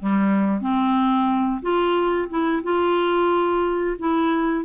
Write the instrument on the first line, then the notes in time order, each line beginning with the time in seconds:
clarinet
0.00 G3
0.62 C4
1.62 F4
2.30 E4
2.64 F4
3.99 E4